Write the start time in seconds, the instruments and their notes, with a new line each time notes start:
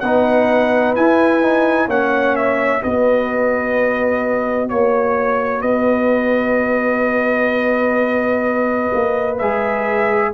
0.00 tuba B3, trombone D#4, horn B4, trumpet F#5
0.96 trombone E4, tuba E4, trumpet G#5
1.42 trombone D#4
1.88 tuba A#3, trombone C#4, horn C#5, trumpet F#5
2.36 trumpet E5
2.81 tuba B3, trombone F#4, horn B4, trumpet D#5
4.69 tuba A#3, trumpet C#5, horn C#5
5.61 tuba B3, horn B4, trumpet D#5
8.95 tuba A#3
9.38 tuba G#3, trombone G#4, trumpet E5